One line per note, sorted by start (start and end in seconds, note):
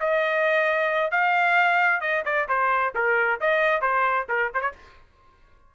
0.00 1.11 D#5
1.11 2.01 F5
2.01 2.23 D#5
2.25 2.48 D5
2.48 2.93 C5
2.95 3.40 A#4
3.40 3.81 D#5
3.81 4.26 C5
4.29 4.51 A#4
4.54 4.61 C5
4.61 4.72 C#5